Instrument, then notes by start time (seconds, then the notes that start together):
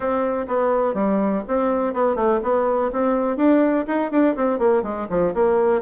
bassoon
0.00 C4
0.47 B3
0.93 G3
1.47 C4
1.93 B3
2.15 A3
2.43 B3
2.92 C4
3.37 D4
3.87 D#4
4.11 D4
4.36 C4
4.58 A#3
4.83 G#3
5.09 F3
5.34 A#3